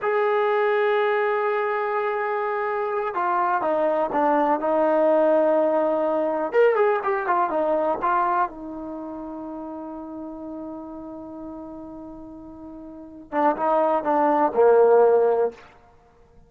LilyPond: \new Staff \with { instrumentName = "trombone" } { \time 4/4 \tempo 4 = 124 gis'1~ | gis'2~ gis'8 f'4 dis'8~ | dis'8 d'4 dis'2~ dis'8~ | dis'4. ais'8 gis'8 g'8 f'8 dis'8~ |
dis'8 f'4 dis'2~ dis'8~ | dis'1~ | dis'2.~ dis'8 d'8 | dis'4 d'4 ais2 | }